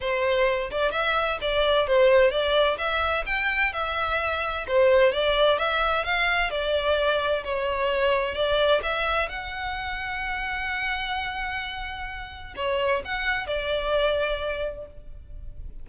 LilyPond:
\new Staff \with { instrumentName = "violin" } { \time 4/4 \tempo 4 = 129 c''4. d''8 e''4 d''4 | c''4 d''4 e''4 g''4 | e''2 c''4 d''4 | e''4 f''4 d''2 |
cis''2 d''4 e''4 | fis''1~ | fis''2. cis''4 | fis''4 d''2. | }